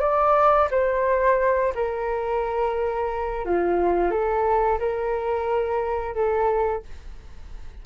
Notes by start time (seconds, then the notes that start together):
0.00 D5
0.71 C5
1.75 A#4
3.45 F4
4.11 A4
4.79 A#4
6.15 A4